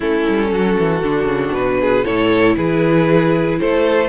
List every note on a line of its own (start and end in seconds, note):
0.00 0.26 A3
0.00 1.01 C#4
0.00 0.49 E4
0.00 1.54 A4
0.28 0.52 G3
0.52 0.77 F#3
0.52 1.80 F#4
0.78 1.03 E3
1.03 1.24 D3
1.03 2.04 D4
1.24 1.49 C#3
1.52 2.03 B2
1.52 2.04 B4
1.80 2.04 G#4
2.04 2.57 A2
2.04 4.08 E4
2.04 2.55 A4
2.04 2.56 C#5
2.56 3.59 E3
2.56 3.59 G#4
2.56 3.58 B4
3.59 4.08 A3
3.59 4.08 A4
3.59 4.08 C5